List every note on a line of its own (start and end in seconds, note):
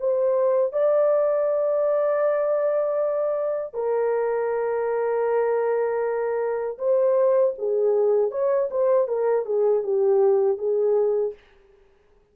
0.00 0.73 C5
0.73 3.74 D5
3.74 6.78 A#4
6.78 7.54 C5
7.58 8.31 G#4
8.31 8.69 C#5
8.71 9.08 C5
9.08 9.46 A#4
9.46 9.83 G#4
9.83 10.58 G4
10.58 11.34 G#4